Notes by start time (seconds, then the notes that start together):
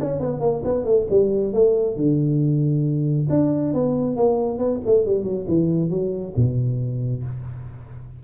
0.00 C#4
0.20 B3
0.40 A#3
0.64 B3
0.85 A3
1.10 G3
1.53 A3
1.96 D3
3.30 D4
3.73 B3
4.16 A#3
4.58 B3
4.86 A3
5.06 G3
5.24 F#3
5.48 E3
5.90 F#3
6.36 B2